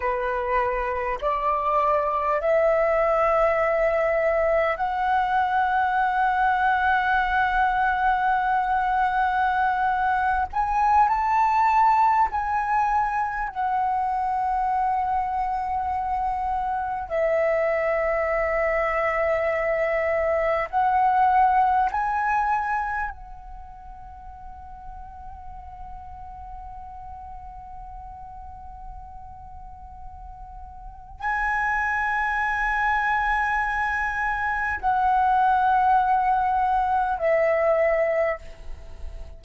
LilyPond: \new Staff \with { instrumentName = "flute" } { \time 4/4 \tempo 4 = 50 b'4 d''4 e''2 | fis''1~ | fis''8. gis''8 a''4 gis''4 fis''8.~ | fis''2~ fis''16 e''4.~ e''16~ |
e''4~ e''16 fis''4 gis''4 fis''8.~ | fis''1~ | fis''2 gis''2~ | gis''4 fis''2 e''4 | }